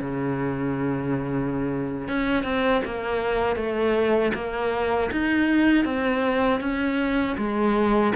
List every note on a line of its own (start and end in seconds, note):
0.00 2.07 C#3
2.07 2.43 C#4
2.43 2.81 C4
2.84 3.56 A#3
3.56 4.32 A3
4.34 5.10 A#3
5.11 5.84 D#4
5.84 6.60 C4
6.60 7.36 C#4
7.37 8.13 G#3